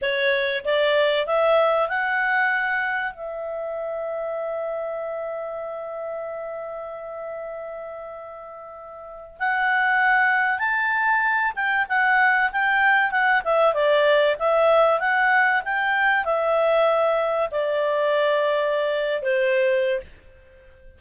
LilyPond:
\new Staff \with { instrumentName = "clarinet" } { \time 4/4 \tempo 4 = 96 cis''4 d''4 e''4 fis''4~ | fis''4 e''2.~ | e''1~ | e''2. fis''4~ |
fis''4 a''4. g''8 fis''4 | g''4 fis''8 e''8 d''4 e''4 | fis''4 g''4 e''2 | d''2~ d''8. c''4~ c''16 | }